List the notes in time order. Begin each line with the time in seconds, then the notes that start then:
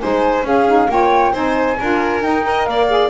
0.00 G#3 D#4 C5 G#5
0.43 C#4 G#4 F5
0.67 D#4
0.89 A#3 F4 C#5 G5
1.32 C4 D#4 C5 G#5
1.79 D4 F4 A#4
2.21 D#4 G5
2.43 A#4 D#5
2.65 A#3 D5 F5
2.89 G#4